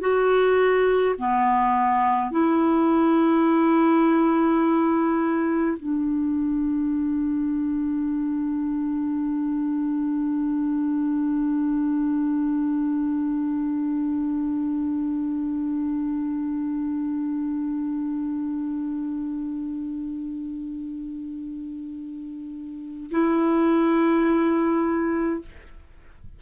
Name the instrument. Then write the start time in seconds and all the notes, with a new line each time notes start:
clarinet
0.00 F#4
1.18 B3
2.31 E4
5.78 D4
23.11 E4